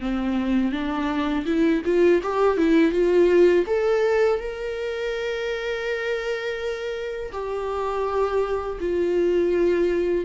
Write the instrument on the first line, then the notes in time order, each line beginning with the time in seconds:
viola
0.00 C4
0.72 D4
1.46 E4
1.85 F4
2.23 G4
2.57 E4
2.92 F4
3.67 A4
4.39 A#4
7.32 G4
8.80 F4